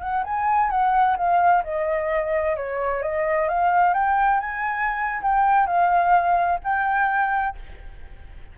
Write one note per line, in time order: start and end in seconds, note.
0.00 0.23 F#5
0.23 0.70 G#5
0.70 1.16 F#5
1.17 1.63 F5
1.64 2.56 D#5
2.56 3.02 C#5
3.02 3.48 D#5
3.49 3.94 F5
3.94 4.40 G5
4.40 5.22 G#5
5.22 5.66 G5
5.66 6.59 F5
6.63 7.56 G5